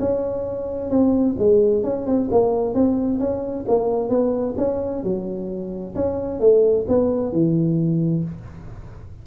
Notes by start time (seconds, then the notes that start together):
0.00 C#4
0.90 C4
1.39 G#3
1.84 C#4
2.07 C4
2.31 A#3
2.75 C4
3.20 C#4
3.68 A#3
4.10 B3
4.58 C#4
5.04 F#3
5.95 C#4
6.40 A3
6.88 B3
7.33 E3